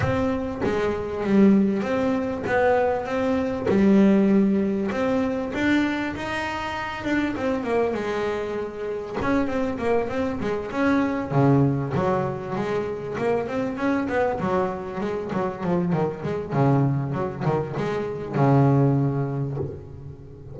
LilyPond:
\new Staff \with { instrumentName = "double bass" } { \time 4/4 \tempo 4 = 98 c'4 gis4 g4 c'4 | b4 c'4 g2 | c'4 d'4 dis'4. d'8 | c'8 ais8 gis2 cis'8 c'8 |
ais8 c'8 gis8 cis'4 cis4 fis8~ | fis8 gis4 ais8 c'8 cis'8 b8 fis8~ | fis8 gis8 fis8 f8 dis8 gis8 cis4 | fis8 dis8 gis4 cis2 | }